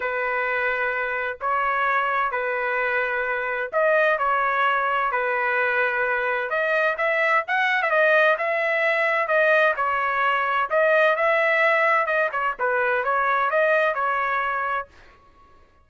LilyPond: \new Staff \with { instrumentName = "trumpet" } { \time 4/4 \tempo 4 = 129 b'2. cis''4~ | cis''4 b'2. | dis''4 cis''2 b'4~ | b'2 dis''4 e''4 |
fis''8. e''16 dis''4 e''2 | dis''4 cis''2 dis''4 | e''2 dis''8 cis''8 b'4 | cis''4 dis''4 cis''2 | }